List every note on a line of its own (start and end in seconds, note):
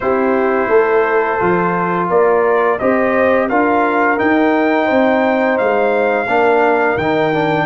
0.00 0.69 C4
0.00 1.39 E4
0.00 0.69 G4
0.00 2.09 C5
0.69 1.39 A3
0.69 2.08 A4
1.39 2.10 F3
1.39 2.79 F4
2.09 2.79 A#3
2.09 2.78 A#4
2.09 2.78 D5
2.78 3.50 C4
2.78 3.50 G4
2.78 3.48 C5
2.78 3.48 D#5
3.48 4.20 D4
3.48 4.17 F4
3.48 4.85 A#4
3.48 4.18 F5
4.17 6.26 D#4
4.17 4.90 D#4
4.17 5.58 G5
4.85 5.59 C4
4.85 6.24 C5
5.58 6.27 G#3
5.58 6.97 F5
6.25 6.97 A#3
6.25 6.98 D4
6.25 7.65 A#4
6.97 7.65 D#3
6.97 7.33 D#4
6.97 7.65 G5
7.33 7.65 D4